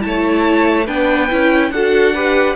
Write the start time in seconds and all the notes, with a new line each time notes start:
0.00 A3 E4 A5
0.07 C#5
0.86 B3 D4 B4 G5
1.29 C#4 E4
1.71 D4 F#4 A4 F#5
2.14 G4 B4